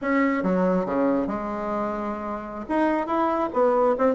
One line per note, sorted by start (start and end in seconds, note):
0.01 0.43 C#4
0.43 0.85 F#3
0.85 1.27 C#3
1.27 2.65 G#3
2.68 3.06 D#4
3.06 3.49 E4
3.53 3.95 B3
3.97 4.15 C4